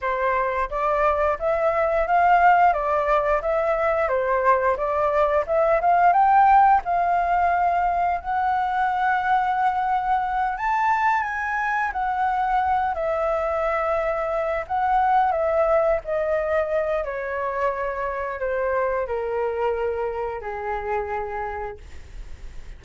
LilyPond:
\new Staff \with { instrumentName = "flute" } { \time 4/4 \tempo 4 = 88 c''4 d''4 e''4 f''4 | d''4 e''4 c''4 d''4 | e''8 f''8 g''4 f''2 | fis''2.~ fis''8 a''8~ |
a''8 gis''4 fis''4. e''4~ | e''4. fis''4 e''4 dis''8~ | dis''4 cis''2 c''4 | ais'2 gis'2 | }